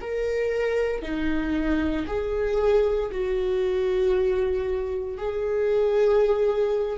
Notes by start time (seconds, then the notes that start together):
0.00 A#4
1.02 D#4
2.06 G#4
3.11 F#4
5.18 G#4